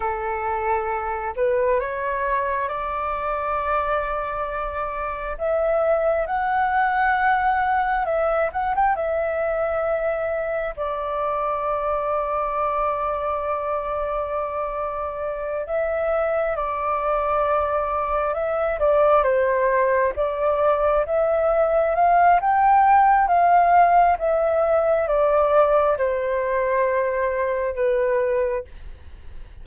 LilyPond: \new Staff \with { instrumentName = "flute" } { \time 4/4 \tempo 4 = 67 a'4. b'8 cis''4 d''4~ | d''2 e''4 fis''4~ | fis''4 e''8 fis''16 g''16 e''2 | d''1~ |
d''4. e''4 d''4.~ | d''8 e''8 d''8 c''4 d''4 e''8~ | e''8 f''8 g''4 f''4 e''4 | d''4 c''2 b'4 | }